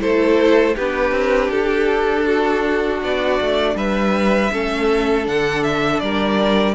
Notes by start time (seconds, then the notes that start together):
0.00 A3 E4 A4 C5
0.75 B3 D4 G4 B4
1.12 C4
1.51 D4 A4
2.26 F#4
3.03 B3 D5
3.41 A3
3.75 G3 B4 E5
4.52 A3 C#4 A4
5.24 D3 D4 F#5
5.64 E5
6.00 G3 A#4 D5